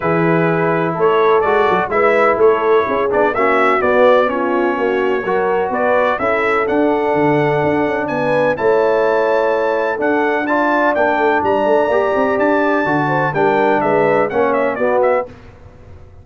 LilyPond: <<
  \new Staff \with { instrumentName = "trumpet" } { \time 4/4 \tempo 4 = 126 b'2 cis''4 d''4 | e''4 cis''4. d''8 e''4 | d''4 cis''2. | d''4 e''4 fis''2~ |
fis''4 gis''4 a''2~ | a''4 fis''4 a''4 g''4 | ais''2 a''2 | g''4 e''4 fis''8 e''8 d''8 e''8 | }
  \new Staff \with { instrumentName = "horn" } { \time 4/4 gis'2 a'2 | b'4 a'4 gis'4 fis'4~ | fis'4 f'4 fis'4 ais'4 | b'4 a'2.~ |
a'4 b'4 cis''2~ | cis''4 a'4 d''2~ | d''2.~ d''8 c''8 | ais'4 b'4 cis''4 fis'4 | }
  \new Staff \with { instrumentName = "trombone" } { \time 4/4 e'2. fis'4 | e'2~ e'8 d'8 cis'4 | b4 cis'2 fis'4~ | fis'4 e'4 d'2~ |
d'2 e'2~ | e'4 d'4 f'4 d'4~ | d'4 g'2 fis'4 | d'2 cis'4 b4 | }
  \new Staff \with { instrumentName = "tuba" } { \time 4/4 e2 a4 gis8 fis8 | gis4 a4 cis'8 b8 ais4 | b2 ais4 fis4 | b4 cis'4 d'4 d4 |
d'8 cis'8 b4 a2~ | a4 d'2 ais8 a8 | g8 a8 ais8 c'8 d'4 d4 | g4 gis4 ais4 b4 | }
>>